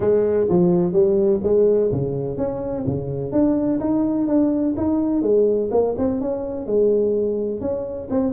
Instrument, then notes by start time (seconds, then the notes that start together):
tuba
0.00 G#3
0.49 F3
0.92 G3
1.43 G#3
1.91 C#3
2.37 C#4
2.86 C#3
3.32 D4
3.80 D#4
4.27 D4
4.76 D#4
5.22 G#3
5.71 A#3
5.98 C4
6.20 C#4
6.66 G#3
7.60 C#4
8.10 C4